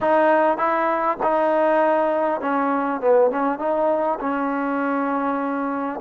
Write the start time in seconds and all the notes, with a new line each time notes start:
0.00 D#4
0.57 E4
1.22 D#4
2.41 C#4
3.00 B3
3.30 C#4
3.58 D#4
4.19 C#4